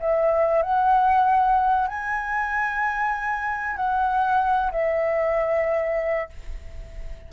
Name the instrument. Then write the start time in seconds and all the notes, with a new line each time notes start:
flute
0.00 E5
0.63 F#5
1.87 G#5
3.76 F#5
4.72 E5